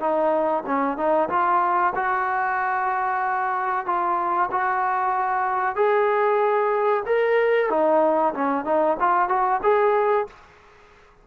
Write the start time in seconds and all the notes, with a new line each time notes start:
0.00 D#4
0.66 C#4
0.97 D#4
1.29 F4
1.95 F#4
3.86 F4
4.51 F#4
5.76 G#4
7.06 A#4
7.70 D#4
8.34 C#4
8.65 D#4
8.99 F4
9.29 F#4
9.63 G#4